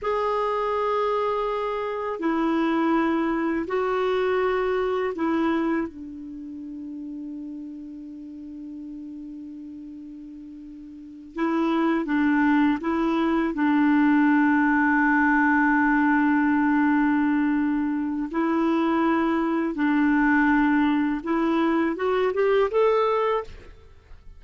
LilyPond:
\new Staff \with { instrumentName = "clarinet" } { \time 4/4 \tempo 4 = 82 gis'2. e'4~ | e'4 fis'2 e'4 | d'1~ | d'2.~ d'8 e'8~ |
e'8 d'4 e'4 d'4.~ | d'1~ | d'4 e'2 d'4~ | d'4 e'4 fis'8 g'8 a'4 | }